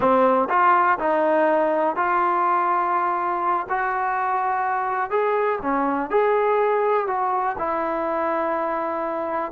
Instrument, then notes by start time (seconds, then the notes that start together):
trombone
0.00 C4
0.49 F4
0.98 D#4
1.96 F4
3.69 F#4
5.10 G#4
5.62 C#4
6.10 G#4
7.07 F#4
7.58 E4